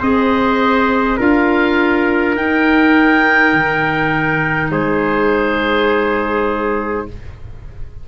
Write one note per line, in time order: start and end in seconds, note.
0.00 1.18 C4
0.00 1.19 G#4
0.00 1.18 C5
0.00 1.20 D#5
1.18 2.36 D4
1.18 2.37 F4
1.18 4.71 A#4
1.18 2.37 F5
2.36 3.53 D#4
2.36 7.08 D#4
2.36 4.72 G5
3.53 4.71 D#3
4.71 7.06 G#3
4.71 7.07 G#4
4.71 7.07 C5